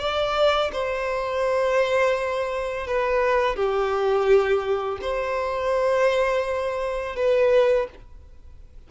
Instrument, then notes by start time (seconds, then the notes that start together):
violin
0.00 D5
0.73 C5
2.87 B4
3.56 G4
5.02 C5
7.17 B4